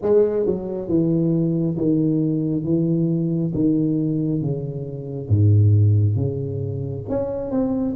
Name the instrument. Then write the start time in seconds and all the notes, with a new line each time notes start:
tuba
0.02 G#3
0.46 F#3
0.88 E3
1.77 D#3
2.64 E3
3.54 D#3
4.41 C#3
5.29 G#2
6.16 C#3
7.09 C#4
7.50 C4